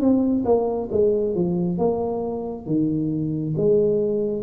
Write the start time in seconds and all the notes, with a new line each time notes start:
0.00 C4
0.45 A#3
0.91 G#3
1.35 F3
1.78 A#3
2.66 D#3
3.57 G#3